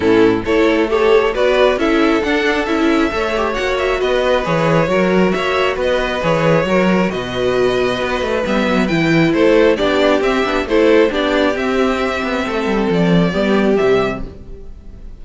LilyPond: <<
  \new Staff \with { instrumentName = "violin" } { \time 4/4 \tempo 4 = 135 a'4 cis''4 a'4 d''4 | e''4 fis''4 e''2 | fis''8 e''8 dis''4 cis''2 | e''4 dis''4 cis''2 |
dis''2. e''4 | g''4 c''4 d''4 e''4 | c''4 d''4 e''2~ | e''4 d''2 e''4 | }
  \new Staff \with { instrumentName = "violin" } { \time 4/4 e'4 a'4 cis''4 b'4 | a'2. cis''4~ | cis''4 b'2 ais'4 | cis''4 b'2 ais'4 |
b'1~ | b'4 a'4 g'2 | a'4 g'2. | a'2 g'2 | }
  \new Staff \with { instrumentName = "viola" } { \time 4/4 cis'4 e'4 g'4 fis'4 | e'4 d'4 e'4 a'8 g'8 | fis'2 gis'4 fis'4~ | fis'2 gis'4 fis'4~ |
fis'2. b4 | e'2 d'4 c'8 d'8 | e'4 d'4 c'2~ | c'2 b4 g4 | }
  \new Staff \with { instrumentName = "cello" } { \time 4/4 a,4 a2 b4 | cis'4 d'4 cis'4 a4 | ais4 b4 e4 fis4 | ais4 b4 e4 fis4 |
b,2 b8 a8 g8 fis8 | e4 a4 b4 c'8 b8 | a4 b4 c'4. b8 | a8 g8 f4 g4 c4 | }
>>